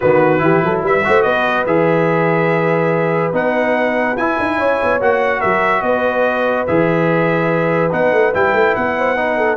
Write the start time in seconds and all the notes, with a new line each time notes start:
0.00 D#3 B3 F#4 B4
0.38 E3 E4 G4
0.64 F#3 A4
0.83 G3 B4 E5
1.04 A3 F#4 C5
1.22 B3 B4 D#5
1.66 E3 G#4 E5
3.32 B3 D#4 F#5
4.16 E4 G#5
4.39 D#4
4.57 C#4 C#5
4.83 B3
5.00 A#3 F#4 F#5
5.39 F#3 A#4 E5
5.82 B3 B4 D#5
6.66 E3 G#4 E5
7.91 B3 D#4 F#5
8.11 A3
8.34 G3 E4 G5
8.53 A3
8.75 B3 F#5
8.97 C5
9.16 D#4 B4
9.37 A4